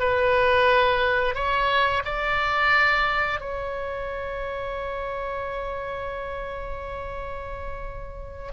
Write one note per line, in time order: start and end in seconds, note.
0.00 1.35 B4
1.35 2.03 C#5
2.05 3.41 D5
3.41 8.52 C#5